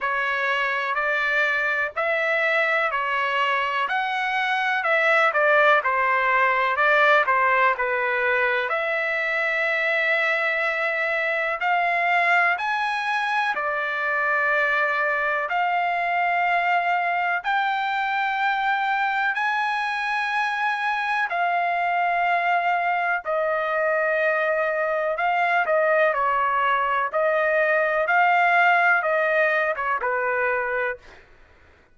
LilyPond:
\new Staff \with { instrumentName = "trumpet" } { \time 4/4 \tempo 4 = 62 cis''4 d''4 e''4 cis''4 | fis''4 e''8 d''8 c''4 d''8 c''8 | b'4 e''2. | f''4 gis''4 d''2 |
f''2 g''2 | gis''2 f''2 | dis''2 f''8 dis''8 cis''4 | dis''4 f''4 dis''8. cis''16 b'4 | }